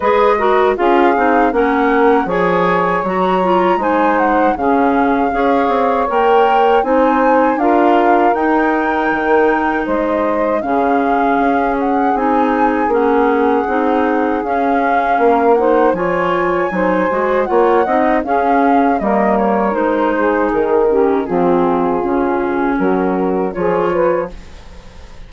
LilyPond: <<
  \new Staff \with { instrumentName = "flute" } { \time 4/4 \tempo 4 = 79 dis''4 f''4 fis''4 gis''4 | ais''4 gis''8 fis''8 f''2 | g''4 gis''4 f''4 g''4~ | g''4 dis''4 f''4. fis''8 |
gis''4 fis''2 f''4~ | f''8 fis''8 gis''2 fis''4 | f''4 dis''8 cis''8 c''4 ais'4 | gis'2 ais'4 cis''4 | }
  \new Staff \with { instrumentName = "saxophone" } { \time 4/4 b'8 ais'8 gis'4 ais'4 cis''4~ | cis''4 c''4 gis'4 cis''4~ | cis''4 c''4 ais'2~ | ais'4 c''4 gis'2~ |
gis'1 | ais'8 c''8 cis''4 c''4 cis''8 dis''8 | gis'4 ais'4. gis'4 g'8 | f'2 fis'4 gis'8 b'8 | }
  \new Staff \with { instrumentName = "clarinet" } { \time 4/4 gis'8 fis'8 f'8 dis'8 cis'4 gis'4 | fis'8 f'8 dis'4 cis'4 gis'4 | ais'4 dis'4 f'4 dis'4~ | dis'2 cis'2 |
dis'4 cis'4 dis'4 cis'4~ | cis'8 dis'8 f'4 dis'8 fis'8 f'8 dis'8 | cis'4 ais4 dis'4. cis'8 | c'4 cis'2 f'4 | }
  \new Staff \with { instrumentName = "bassoon" } { \time 4/4 gis4 cis'8 c'8 ais4 f4 | fis4 gis4 cis4 cis'8 c'8 | ais4 c'4 d'4 dis'4 | dis4 gis4 cis4 cis'4 |
c'4 ais4 c'4 cis'4 | ais4 f4 fis8 gis8 ais8 c'8 | cis'4 g4 gis4 dis4 | f4 cis4 fis4 f4 | }
>>